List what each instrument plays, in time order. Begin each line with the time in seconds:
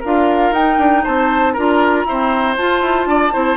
0.00 bassoon D4, clarinet F4, oboe A#4, flute F5
0.51 bassoon D#4, clarinet D#4, flute G5
0.78 bassoon D4
1.03 bassoon C4, oboe C5, flute A5
1.53 bassoon D4, clarinet F4, oboe A#4, flute A#5
2.05 clarinet C4, bassoon E4, oboe C5
2.57 bassoon F4, clarinet F4, flute A5
2.81 bassoon E4
3.06 bassoon D4, oboe D5
3.32 bassoon C4, clarinet E4, oboe C5